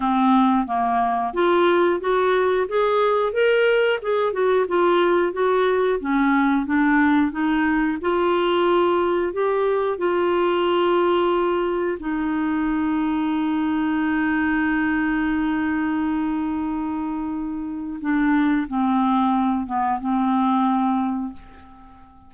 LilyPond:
\new Staff \with { instrumentName = "clarinet" } { \time 4/4 \tempo 4 = 90 c'4 ais4 f'4 fis'4 | gis'4 ais'4 gis'8 fis'8 f'4 | fis'4 cis'4 d'4 dis'4 | f'2 g'4 f'4~ |
f'2 dis'2~ | dis'1~ | dis'2. d'4 | c'4. b8 c'2 | }